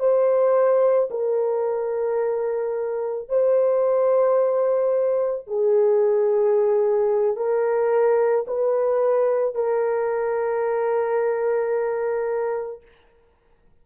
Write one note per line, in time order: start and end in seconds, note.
0.00 1.09 C5
1.11 3.29 A#4
3.29 5.47 C5
5.47 7.37 G#4
7.37 8.46 A#4
8.48 9.55 B4
9.55 12.82 A#4